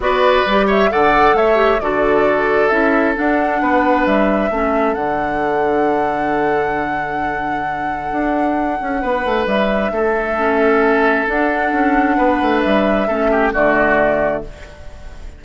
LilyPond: <<
  \new Staff \with { instrumentName = "flute" } { \time 4/4 \tempo 4 = 133 d''4. e''8 fis''4 e''4 | d''2 e''4 fis''4~ | fis''4 e''2 fis''4~ | fis''1~ |
fis''1~ | fis''4 e''2.~ | e''4 fis''2. | e''2 d''2 | }
  \new Staff \with { instrumentName = "oboe" } { \time 4/4 b'4. cis''8 d''4 cis''4 | a'1 | b'2 a'2~ | a'1~ |
a'1 | b'2 a'2~ | a'2. b'4~ | b'4 a'8 g'8 fis'2 | }
  \new Staff \with { instrumentName = "clarinet" } { \time 4/4 fis'4 g'4 a'4. g'8 | fis'2 e'4 d'4~ | d'2 cis'4 d'4~ | d'1~ |
d'1~ | d'2. cis'4~ | cis'4 d'2.~ | d'4 cis'4 a2 | }
  \new Staff \with { instrumentName = "bassoon" } { \time 4/4 b4 g4 d4 a4 | d2 cis'4 d'4 | b4 g4 a4 d4~ | d1~ |
d2 d'4. cis'8 | b8 a8 g4 a2~ | a4 d'4 cis'4 b8 a8 | g4 a4 d2 | }
>>